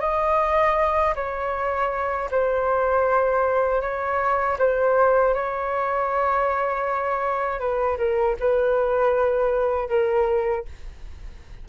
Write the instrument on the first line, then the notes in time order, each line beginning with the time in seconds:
flute
0.00 D#5
1.15 C#5
2.31 C5
3.81 C#5
4.58 C5
5.34 C#5
7.59 B4
7.98 A#4
8.40 B4
9.89 A#4